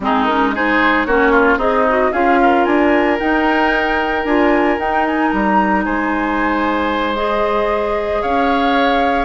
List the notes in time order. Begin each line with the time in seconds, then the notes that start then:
0.00 G#3 C4 D#4 G#4
0.24 C#4 A#4
0.54 D#4 G#4 C5
1.05 A#3 C#4 F#4 C#5
1.31 F4
1.57 C4 D#4 G#4 D#5
1.88 F#4
2.12 C#4 F4 G#4 F5
2.42 A#4
2.64 D4 G#5
3.18 D#4 G5
4.24 D4 F4 G#5
4.78 D#4 G5
5.06 G#5
5.30 G3 A#5
5.84 G#3 C5 G#5
7.16 G#4 D#5
8.21 C#4 C#5 F5